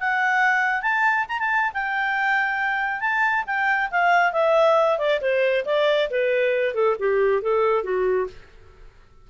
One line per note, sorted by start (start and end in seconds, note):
0.00 0.82 F#5
0.82 1.26 A5
1.29 1.39 A#5
1.39 1.72 A5
1.74 3.01 G5
3.01 3.44 A5
3.46 3.90 G5
3.91 4.33 F5
4.33 4.98 E5
4.98 5.20 D5
5.21 5.65 C5
5.65 6.09 D5
6.10 6.74 B4
6.74 6.96 A4
7.00 7.42 G4
7.42 7.84 A4
7.84 8.28 F#4